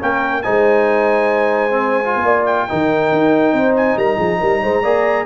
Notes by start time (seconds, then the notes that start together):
0.00 A#3 C#4 A#4 G5
0.42 G#3 D#4 C5 G#5
1.71 C4
2.04 F4
2.15 B3
2.23 A#3 D5
2.46 G5
2.69 D#3 D#4 A#4
3.12 D#4
3.53 C4 C5
3.77 G#5
3.96 G3 A#4 A#5
4.16 F3 G#4
4.40 G3 A#4
4.63 G#3 C5
4.83 A#3 G#4 D5